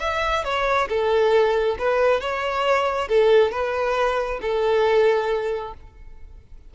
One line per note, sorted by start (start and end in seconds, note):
0.00 0.44 E5
0.44 0.88 C#5
0.89 1.77 A4
1.79 2.21 B4
2.21 3.08 C#5
3.08 3.52 A4
3.52 4.40 B4
4.42 5.74 A4